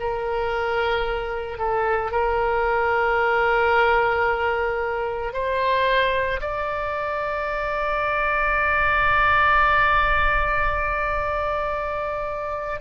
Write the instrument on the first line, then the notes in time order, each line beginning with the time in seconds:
oboe
0.00 A#4
1.58 A4
2.12 A#4
5.33 C5
6.40 D5